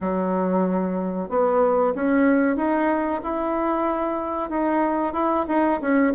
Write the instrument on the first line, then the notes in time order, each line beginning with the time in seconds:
bassoon
0.00 F#3
1.29 B3
1.95 C#4
2.56 D#4
3.23 E4
4.49 D#4
5.13 E4
5.48 D#4
5.81 C#4